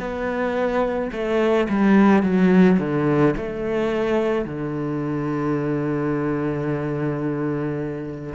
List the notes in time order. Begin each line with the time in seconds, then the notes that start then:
0.00 B3
1.13 A3
1.70 G3
2.23 F#3
2.80 D3
3.37 A3
4.45 D3